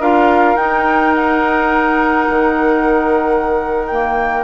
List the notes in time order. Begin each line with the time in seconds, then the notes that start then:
0.00 D4 F4 A#4 F5
0.56 D#4 G5
1.15 F#5
2.30 D#3
3.87 A#3 G5